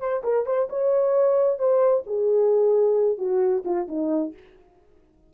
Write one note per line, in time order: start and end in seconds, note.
0.00 0.23 C5
0.24 0.46 A#4
0.46 0.69 C5
0.70 1.59 C#5
1.59 2.05 C5
2.07 3.19 G#4
3.19 3.64 F#4
3.65 3.88 F4
3.88 4.34 D#4